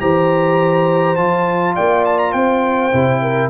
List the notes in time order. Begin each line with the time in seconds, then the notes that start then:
0.00 E3 G4 C5 A#5
1.16 F3 F4 A5
1.75 A#3 D5 G5
2.05 A5
2.18 A#5
2.32 C4 C5 G5
2.93 C3 E4
3.21 A#4